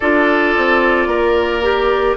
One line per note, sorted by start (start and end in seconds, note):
0.00 0.56 D4
0.00 1.62 F4
0.00 1.08 A4
0.00 2.17 D5
0.56 1.06 C4
1.06 2.15 A#3
1.06 2.17 A#4
1.62 2.17 G4